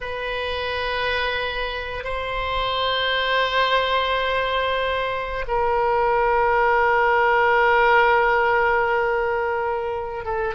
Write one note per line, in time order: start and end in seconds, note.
0.00 2.04 B4
2.04 5.45 C5
5.47 10.24 A#4
10.25 10.54 A4